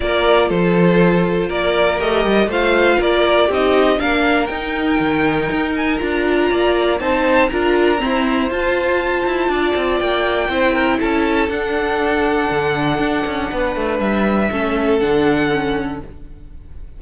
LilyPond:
<<
  \new Staff \with { instrumentName = "violin" } { \time 4/4 \tempo 4 = 120 d''4 c''2 d''4 | dis''4 f''4 d''4 dis''4 | f''4 g''2~ g''8 gis''8 | ais''2 a''4 ais''4~ |
ais''4 a''2. | g''2 a''4 fis''4~ | fis''1 | e''2 fis''2 | }
  \new Staff \with { instrumentName = "violin" } { \time 4/4 ais'4 a'2 ais'4~ | ais'4 c''4 ais'4 g'4 | ais'1~ | ais'4 d''4 c''4 ais'4 |
c''2. d''4~ | d''4 c''8 ais'8 a'2~ | a'2. b'4~ | b'4 a'2. | }
  \new Staff \with { instrumentName = "viola" } { \time 4/4 f'1 | g'4 f'2 dis'4 | d'4 dis'2. | f'2 dis'4 f'4 |
c'4 f'2.~ | f'4 e'2 d'4~ | d'1~ | d'4 cis'4 d'4 cis'4 | }
  \new Staff \with { instrumentName = "cello" } { \time 4/4 ais4 f2 ais4 | a8 g8 a4 ais4 c'4 | ais4 dis'4 dis4 dis'4 | d'4 ais4 c'4 d'4 |
e'4 f'4. e'8 d'8 c'8 | ais4 c'4 cis'4 d'4~ | d'4 d4 d'8 cis'8 b8 a8 | g4 a4 d2 | }
>>